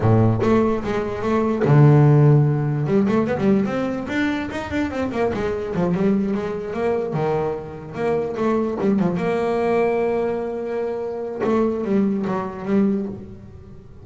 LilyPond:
\new Staff \with { instrumentName = "double bass" } { \time 4/4 \tempo 4 = 147 a,4 a4 gis4 a4 | d2. g8 a8 | b16 g8. c'4 d'4 dis'8 d'8 | c'8 ais8 gis4 f8 g4 gis8~ |
gis8 ais4 dis2 ais8~ | ais8 a4 g8 f8 ais4.~ | ais1 | a4 g4 fis4 g4 | }